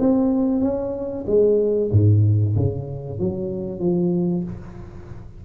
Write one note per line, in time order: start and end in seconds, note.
0.00 0.62 C4
0.62 1.25 C#4
1.27 1.91 G#3
1.92 2.56 G#2
2.56 3.19 C#3
3.19 3.80 F#3
3.80 4.44 F3